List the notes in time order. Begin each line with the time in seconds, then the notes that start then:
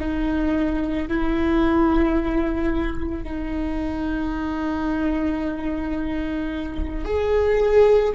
0.00 D#4
1.09 E4
3.24 D#4
7.05 G#4